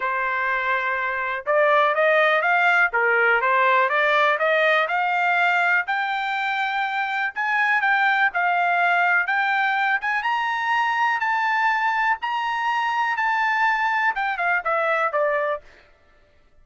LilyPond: \new Staff \with { instrumentName = "trumpet" } { \time 4/4 \tempo 4 = 123 c''2. d''4 | dis''4 f''4 ais'4 c''4 | d''4 dis''4 f''2 | g''2. gis''4 |
g''4 f''2 g''4~ | g''8 gis''8 ais''2 a''4~ | a''4 ais''2 a''4~ | a''4 g''8 f''8 e''4 d''4 | }